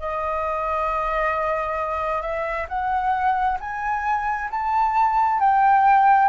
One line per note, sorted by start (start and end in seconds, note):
0.00 2.22 D#5
2.22 2.67 E5
2.69 3.58 F#5
3.60 4.50 G#5
4.51 5.40 A5
5.40 6.28 G5